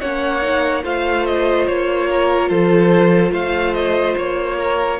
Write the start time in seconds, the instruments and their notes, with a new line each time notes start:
0.00 cello A#3, viola C#4, violin C#5 F#5
0.42 viola D#4
0.83 cello A3, viola F4, violin C5 F5
1.26 violin D#5
1.66 cello A#3, violin C#5
2.10 violin A#4
2.49 cello F3, violin A4 C5
3.31 cello A3, violin C5 F5
3.74 violin D#5
4.17 cello A#3, violin C#5
4.57 violin A#4